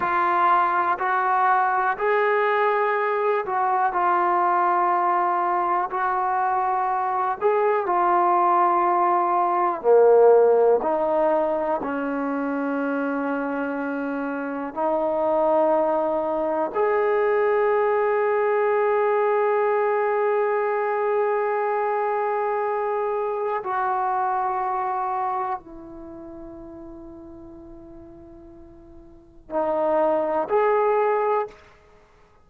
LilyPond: \new Staff \with { instrumentName = "trombone" } { \time 4/4 \tempo 4 = 61 f'4 fis'4 gis'4. fis'8 | f'2 fis'4. gis'8 | f'2 ais4 dis'4 | cis'2. dis'4~ |
dis'4 gis'2.~ | gis'1 | fis'2 e'2~ | e'2 dis'4 gis'4 | }